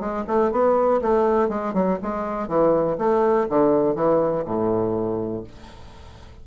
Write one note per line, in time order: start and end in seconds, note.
0.00 0.25 G#3
0.27 0.52 A3
0.52 1.01 B3
1.02 1.49 A3
1.49 1.74 G#3
1.74 1.99 F#3
2.03 2.48 G#3
2.48 2.98 E3
2.98 3.48 A3
3.49 3.95 D3
3.95 4.45 E3
4.45 5.44 A2